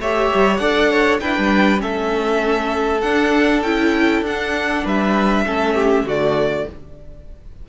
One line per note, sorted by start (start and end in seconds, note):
0.00 0.30 A3
0.00 0.60 G4
0.00 0.61 C#5
0.00 0.57 E5
0.34 0.60 G3
0.57 1.21 D4
0.57 1.20 A4
0.57 0.90 D5
0.57 1.17 F#5
0.90 1.21 C#5
1.20 1.78 D4
1.20 1.36 E4
1.20 1.82 B4
1.20 1.81 G5
1.37 1.83 G3
1.78 3.03 A3
1.78 2.99 C#4
1.78 4.84 A4
1.78 3.01 E5
3.01 3.63 D4
3.01 3.65 D4
3.01 3.62 F#5
3.63 4.22 C#4
3.63 4.26 E4
3.63 4.23 G5
4.22 4.83 D4
4.22 5.47 D4
4.22 4.87 F#5
4.84 5.46 G3
4.84 5.45 B4
4.84 6.09 E5
5.47 6.04 A3
5.47 6.07 C#4
5.47 5.75 A4
5.75 6.05 G4
6.04 6.65 D3
6.04 6.69 A3
6.04 6.66 F#4
6.04 6.69 D5